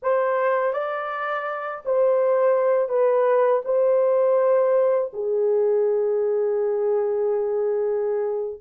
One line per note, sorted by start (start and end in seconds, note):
0.02 0.73 C5
0.73 1.83 D5
1.85 2.88 C5
2.88 3.62 B4
3.65 5.11 C5
5.13 8.60 G#4